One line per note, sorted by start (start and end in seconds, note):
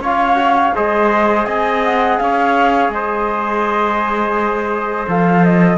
0.00 0.72 C#4
0.00 0.36 F4
0.00 0.74 C#5
0.00 0.76 F5
0.36 0.72 F#4
0.75 1.47 G#3
0.75 5.08 G#4
0.75 1.47 C5
0.75 1.45 D#5
1.45 2.19 C4
1.45 2.19 D#5
1.45 1.81 G#5
1.84 2.19 F#5
2.19 2.89 C#4
2.19 2.94 C#5
2.19 2.91 F5
2.89 5.06 G#3
2.89 5.78 C5
2.89 5.07 D#5
5.08 5.78 F3
5.08 5.78 A4
5.08 5.44 F5
5.44 5.78 D#5